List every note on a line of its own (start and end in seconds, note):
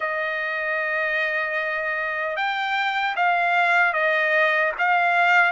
0.00 2.36 D#5
2.36 3.15 G5
3.15 3.93 F5
3.93 4.72 D#5
4.78 5.51 F5